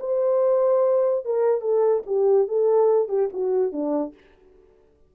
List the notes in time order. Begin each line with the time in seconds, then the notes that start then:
0.00 C5
1.25 A#4
1.61 A4
2.06 G4
2.48 A4
3.09 G4
3.33 F#4
3.72 D4